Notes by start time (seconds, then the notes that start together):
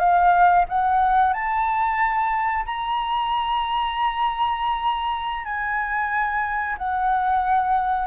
0.00 F5
0.69 F#5
1.34 A5
2.66 A#5
5.45 G#5
6.79 F#5